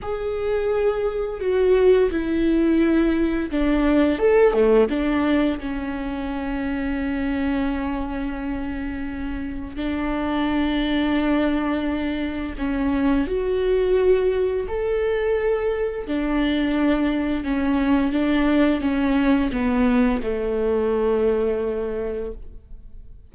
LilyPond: \new Staff \with { instrumentName = "viola" } { \time 4/4 \tempo 4 = 86 gis'2 fis'4 e'4~ | e'4 d'4 a'8 a8 d'4 | cis'1~ | cis'2 d'2~ |
d'2 cis'4 fis'4~ | fis'4 a'2 d'4~ | d'4 cis'4 d'4 cis'4 | b4 a2. | }